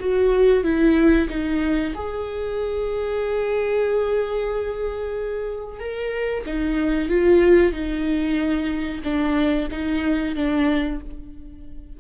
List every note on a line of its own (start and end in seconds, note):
0.00 0.64 F#4
0.64 1.28 E4
1.30 1.94 D#4
1.95 5.80 G#4
5.80 6.45 A#4
6.46 7.09 D#4
7.09 7.73 F4
7.73 9.02 D#4
9.04 9.69 D4
9.72 10.36 D#4
10.36 11.00 D4